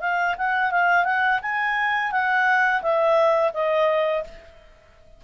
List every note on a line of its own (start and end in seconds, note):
0.00 0.35 F5
0.37 0.71 F#5
0.71 1.04 F5
1.04 1.39 F#5
1.42 2.11 G#5
2.11 2.81 F#5
2.82 3.51 E5
3.53 4.23 D#5